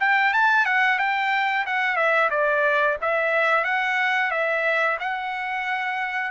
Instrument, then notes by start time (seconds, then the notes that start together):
trumpet
0.00 G5
0.34 A5
0.65 F#5
0.99 G5
1.66 F#5
1.96 E5
2.30 D5
3.01 E5
3.64 F#5
4.31 E5
5.00 F#5